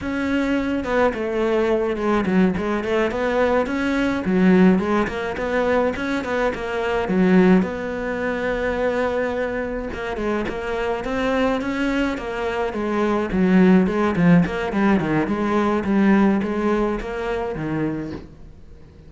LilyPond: \new Staff \with { instrumentName = "cello" } { \time 4/4 \tempo 4 = 106 cis'4. b8 a4. gis8 | fis8 gis8 a8 b4 cis'4 fis8~ | fis8 gis8 ais8 b4 cis'8 b8 ais8~ | ais8 fis4 b2~ b8~ |
b4. ais8 gis8 ais4 c'8~ | c'8 cis'4 ais4 gis4 fis8~ | fis8 gis8 f8 ais8 g8 dis8 gis4 | g4 gis4 ais4 dis4 | }